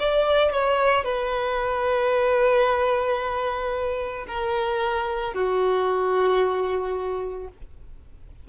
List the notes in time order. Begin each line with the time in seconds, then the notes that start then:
0.00 D5
0.53 C#5
1.05 B4
4.28 A#4
5.34 F#4